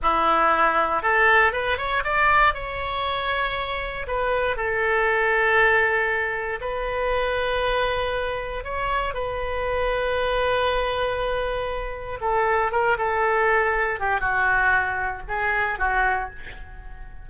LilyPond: \new Staff \with { instrumentName = "oboe" } { \time 4/4 \tempo 4 = 118 e'2 a'4 b'8 cis''8 | d''4 cis''2. | b'4 a'2.~ | a'4 b'2.~ |
b'4 cis''4 b'2~ | b'1 | a'4 ais'8 a'2 g'8 | fis'2 gis'4 fis'4 | }